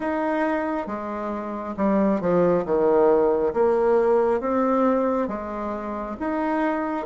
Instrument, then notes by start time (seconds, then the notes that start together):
bassoon
0.00 D#4
0.86 G#3
1.76 G3
2.21 F3
2.65 D#3
3.53 A#3
4.40 C4
5.28 G#3
6.19 D#4